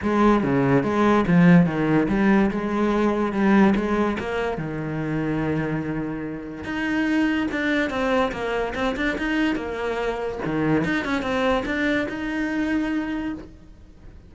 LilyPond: \new Staff \with { instrumentName = "cello" } { \time 4/4 \tempo 4 = 144 gis4 cis4 gis4 f4 | dis4 g4 gis2 | g4 gis4 ais4 dis4~ | dis1 |
dis'2 d'4 c'4 | ais4 c'8 d'8 dis'4 ais4~ | ais4 dis4 dis'8 cis'8 c'4 | d'4 dis'2. | }